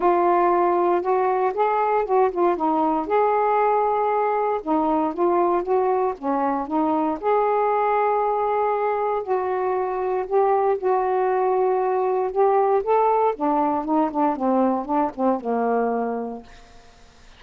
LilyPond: \new Staff \with { instrumentName = "saxophone" } { \time 4/4 \tempo 4 = 117 f'2 fis'4 gis'4 | fis'8 f'8 dis'4 gis'2~ | gis'4 dis'4 f'4 fis'4 | cis'4 dis'4 gis'2~ |
gis'2 fis'2 | g'4 fis'2. | g'4 a'4 d'4 dis'8 d'8 | c'4 d'8 c'8 ais2 | }